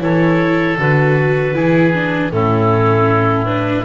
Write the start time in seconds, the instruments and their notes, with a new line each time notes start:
0.00 double bass E3, viola E4, oboe A4, clarinet C#5
0.79 double bass D3, viola F#4, clarinet B4
1.54 double bass E3, viola E4, oboe G#4
1.94 viola D4
2.32 double bass A2, viola C#4, oboe E4, clarinet A4
3.46 viola D4, clarinet B4